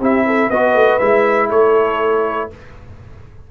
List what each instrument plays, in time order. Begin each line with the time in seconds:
0.00 tuba C4, trombone E4, horn G4, trumpet E5
0.26 horn A4
0.50 tuba B3, trombone F#4, horn B4, trumpet D#5
0.74 tuba A3
0.99 tuba G#3, trombone E4, trumpet E5
1.49 tuba A3, horn A4, trumpet C#5